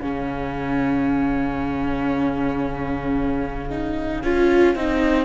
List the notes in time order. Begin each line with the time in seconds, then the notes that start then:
0.00 C#3 C#4 G#4 F5
3.69 D#4
4.23 C#4 F4
4.75 C4 D#4